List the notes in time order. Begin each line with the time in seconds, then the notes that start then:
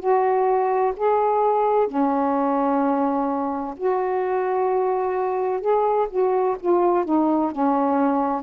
0.00 F#4
0.97 G#4
1.88 C#4
3.77 F#4
5.61 G#4
6.10 F#4
6.61 F4
7.05 D#4
7.52 C#4